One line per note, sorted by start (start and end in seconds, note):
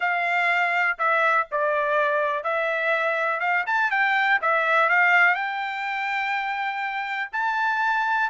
0.00 0.98 F5
0.98 1.47 E5
1.51 2.43 D5
2.43 3.40 E5
3.40 3.64 F5
3.66 3.90 A5
3.90 4.39 G5
4.41 4.89 E5
4.89 5.34 F5
5.34 7.29 G5
7.32 8.29 A5